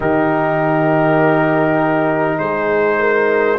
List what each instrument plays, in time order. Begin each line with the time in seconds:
0.00 tuba D#3, trombone D#4, horn G4, trumpet A#4
2.38 tuba G#3, horn G#4, trumpet C5
2.99 horn A#4